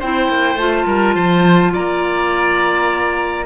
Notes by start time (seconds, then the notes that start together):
0.00 C4 E4 C5 G5
0.29 A#3
0.56 A3 F4 A5
0.87 G3 A#4
1.16 F3 C5
1.73 A#3 D5 A#5